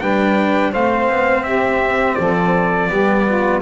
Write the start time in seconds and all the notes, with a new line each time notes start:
0.00 G3 D4 B4 G5
0.71 A3 C4 C5 F5
1.09 B3
1.44 C4 G4 E5
2.15 F3 A4 D5
2.89 G3 B3 G4
3.27 F4